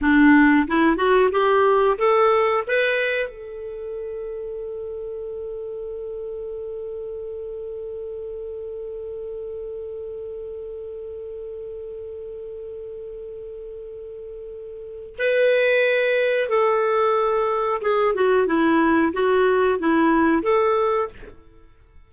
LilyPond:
\new Staff \with { instrumentName = "clarinet" } { \time 4/4 \tempo 4 = 91 d'4 e'8 fis'8 g'4 a'4 | b'4 a'2.~ | a'1~ | a'1~ |
a'1~ | a'2. b'4~ | b'4 a'2 gis'8 fis'8 | e'4 fis'4 e'4 a'4 | }